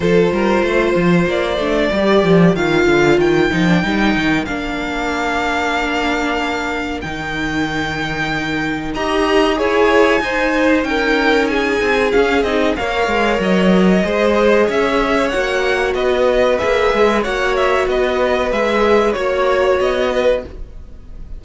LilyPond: <<
  \new Staff \with { instrumentName = "violin" } { \time 4/4 \tempo 4 = 94 c''2 d''2 | f''4 g''2 f''4~ | f''2. g''4~ | g''2 ais''4 gis''4~ |
gis''4 g''4 gis''4 f''8 dis''8 | f''4 dis''2 e''4 | fis''4 dis''4 e''4 fis''8 e''8 | dis''4 e''4 cis''4 dis''4 | }
  \new Staff \with { instrumentName = "violin" } { \time 4/4 a'8 ais'8 c''2 ais'4~ | ais'1~ | ais'1~ | ais'2 dis''4 cis''4 |
c''4 ais'4 gis'2 | cis''2 c''4 cis''4~ | cis''4 b'2 cis''4 | b'2 cis''4. b'8 | }
  \new Staff \with { instrumentName = "viola" } { \time 4/4 f'2~ f'8 d'8 g'4 | f'4. dis'16 d'16 dis'4 d'4~ | d'2. dis'4~ | dis'2 g'4 gis'4 |
dis'2. cis'8 dis'8 | ais'2 gis'2 | fis'2 gis'4 fis'4~ | fis'4 gis'4 fis'2 | }
  \new Staff \with { instrumentName = "cello" } { \time 4/4 f8 g8 a8 f8 ais8 a8 g8 f8 | dis8 d8 dis8 f8 g8 dis8 ais4~ | ais2. dis4~ | dis2 dis'4 e'4 |
dis'4 cis'4. c'8 cis'8 c'8 | ais8 gis8 fis4 gis4 cis'4 | ais4 b4 ais8 gis8 ais4 | b4 gis4 ais4 b4 | }
>>